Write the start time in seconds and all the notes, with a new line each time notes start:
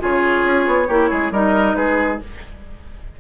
0.00 C#3 F4 G#4 C#5
0.44 C#4
0.67 B3
0.88 A#3 E4 G4
1.11 G#3 G#4
1.31 G3 D#4 A#4 D#5
1.75 G#3 G#4 B4